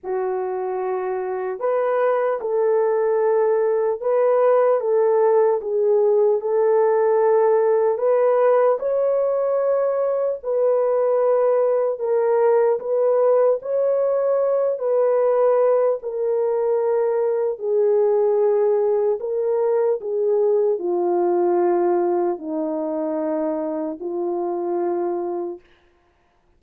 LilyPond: \new Staff \with { instrumentName = "horn" } { \time 4/4 \tempo 4 = 75 fis'2 b'4 a'4~ | a'4 b'4 a'4 gis'4 | a'2 b'4 cis''4~ | cis''4 b'2 ais'4 |
b'4 cis''4. b'4. | ais'2 gis'2 | ais'4 gis'4 f'2 | dis'2 f'2 | }